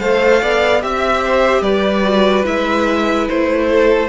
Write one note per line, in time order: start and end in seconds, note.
0.00 0.42 A3
0.00 0.82 A4
0.00 0.42 C5
0.00 0.82 F5
0.42 0.84 B3
0.42 0.83 D5
0.82 1.61 C4
0.82 2.04 G4
0.82 1.24 E5
0.82 1.63 E5
1.25 1.62 C5
1.61 2.43 G3
1.61 3.67 B4
1.61 2.45 D5
2.04 2.45 F#4
2.45 3.29 G#3
2.45 4.09 E4
2.45 3.28 E5
3.29 4.10 A3
3.29 4.10 C5
3.71 4.10 A4